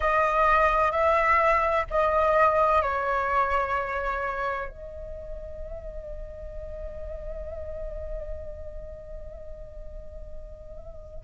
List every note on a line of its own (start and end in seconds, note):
0.00 0.91 D#5
0.91 1.85 E5
1.90 2.81 D#5
2.81 4.69 C#5
4.69 11.23 D#5